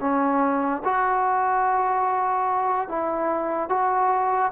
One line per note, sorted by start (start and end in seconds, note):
0.00 0.82 C#4
0.84 2.89 F#4
2.89 3.69 E4
3.69 4.52 F#4